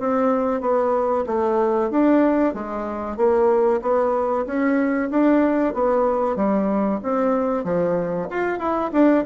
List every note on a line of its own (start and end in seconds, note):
0.00 0.61 C4
0.61 1.25 B3
1.27 1.91 A3
1.91 2.54 D4
2.54 3.17 G#3
3.17 3.81 A#3
3.82 4.46 B3
4.46 5.10 C#4
5.11 5.74 D4
5.74 6.37 B3
6.37 7.00 G3
7.03 7.65 C4
7.65 8.28 F3
8.31 8.59 F4
8.59 8.91 E4
8.93 9.25 D4